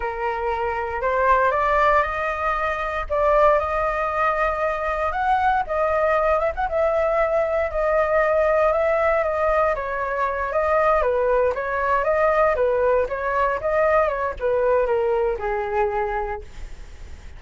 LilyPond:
\new Staff \with { instrumentName = "flute" } { \time 4/4 \tempo 4 = 117 ais'2 c''4 d''4 | dis''2 d''4 dis''4~ | dis''2 fis''4 dis''4~ | dis''8 e''16 fis''16 e''2 dis''4~ |
dis''4 e''4 dis''4 cis''4~ | cis''8 dis''4 b'4 cis''4 dis''8~ | dis''8 b'4 cis''4 dis''4 cis''8 | b'4 ais'4 gis'2 | }